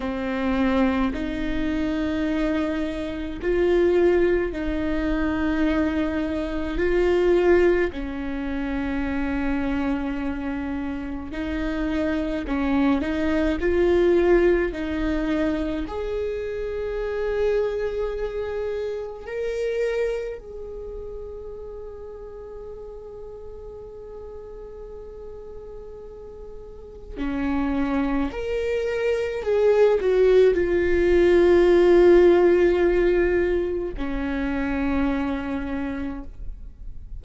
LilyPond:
\new Staff \with { instrumentName = "viola" } { \time 4/4 \tempo 4 = 53 c'4 dis'2 f'4 | dis'2 f'4 cis'4~ | cis'2 dis'4 cis'8 dis'8 | f'4 dis'4 gis'2~ |
gis'4 ais'4 gis'2~ | gis'1 | cis'4 ais'4 gis'8 fis'8 f'4~ | f'2 cis'2 | }